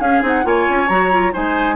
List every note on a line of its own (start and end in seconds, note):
0.00 0.22 C#4
0.00 0.45 G#4
0.00 0.23 F5
0.22 0.44 C4
0.22 0.44 D#4
0.22 0.47 F#5
0.44 0.67 A#3
0.44 0.87 F4
0.44 1.33 C#5
0.44 0.89 G#5
0.70 0.90 C#4
0.89 1.33 F#3
0.89 1.12 F#4
0.89 1.33 A#5
1.12 1.33 F4
1.33 1.76 G#3
1.33 1.76 D#4
1.33 1.76 C5
1.33 1.76 G#5